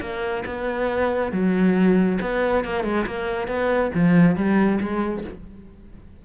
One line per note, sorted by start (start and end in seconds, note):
0.00 0.43 A#3
0.45 1.32 B3
1.32 2.19 F#3
2.21 2.64 B3
2.64 2.84 A#3
2.84 3.06 G#3
3.06 3.48 A#3
3.48 3.91 B3
3.94 4.36 F3
4.36 4.79 G3
4.80 5.24 G#3